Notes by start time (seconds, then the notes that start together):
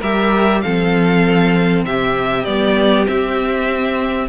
0.00 G3 G4 A#4 E5
0.62 F3 C4 A4 F5
1.85 C3 G4 E5
2.45 G3 B3 D5
3.06 C4 E5